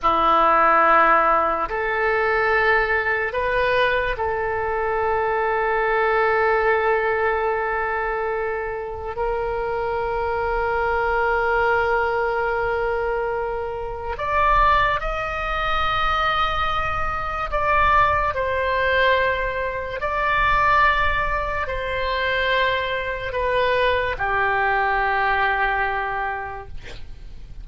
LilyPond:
\new Staff \with { instrumentName = "oboe" } { \time 4/4 \tempo 4 = 72 e'2 a'2 | b'4 a'2.~ | a'2. ais'4~ | ais'1~ |
ais'4 d''4 dis''2~ | dis''4 d''4 c''2 | d''2 c''2 | b'4 g'2. | }